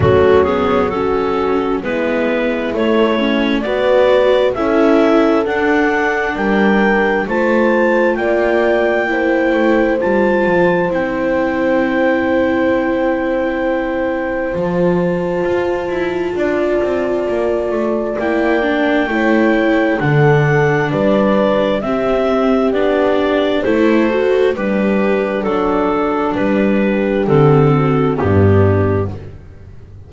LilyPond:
<<
  \new Staff \with { instrumentName = "clarinet" } { \time 4/4 \tempo 4 = 66 fis'8 gis'8 a'4 b'4 cis''4 | d''4 e''4 fis''4 g''4 | a''4 g''2 a''4 | g''1 |
a''1 | g''2 fis''4 d''4 | e''4 d''4 c''4 b'4 | a'4 b'4 a'4 g'4 | }
  \new Staff \with { instrumentName = "horn" } { \time 4/4 cis'4 fis'4 e'2 | b'4 a'2 ais'4 | c''4 d''4 c''2~ | c''1~ |
c''2 d''2~ | d''4 cis''4 a'4 b'4 | g'2 a'4 d'4~ | d'4. g'4 fis'8 d'4 | }
  \new Staff \with { instrumentName = "viola" } { \time 4/4 a8 b8 cis'4 b4 a8 cis'8 | fis'4 e'4 d'2 | f'2 e'4 f'4 | e'1 |
f'1 | e'8 d'8 e'4 d'2 | c'4 d'4 e'8 fis'8 g'4 | d'2 c'4 b4 | }
  \new Staff \with { instrumentName = "double bass" } { \time 4/4 fis2 gis4 a4 | b4 cis'4 d'4 g4 | a4 ais4. a8 g8 f8 | c'1 |
f4 f'8 e'8 d'8 c'8 ais8 a8 | ais4 a4 d4 g4 | c'4 b4 a4 g4 | fis4 g4 d4 g,4 | }
>>